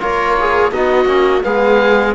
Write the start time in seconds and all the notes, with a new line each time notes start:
0.00 A#3 F4 A#4 C#5
0.40 G#4
0.72 B3 D#4 F#4 D#5
1.05 A#3 C#4
1.43 G#3 B3 G#4 F5